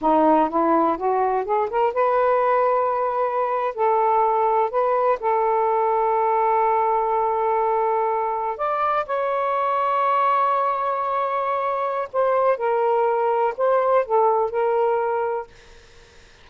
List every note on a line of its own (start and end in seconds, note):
0.01 0.49 D#4
0.49 0.97 E4
0.97 1.45 F#4
1.45 1.69 G#4
1.69 1.93 A#4
1.93 3.74 B4
3.74 4.70 A4
4.70 5.19 B4
5.19 8.57 A4
8.57 9.05 D5
9.05 12.08 C#5
12.13 12.57 C5
12.57 13.54 A#4
13.57 14.05 C5
14.05 14.50 A4
14.50 15.47 A#4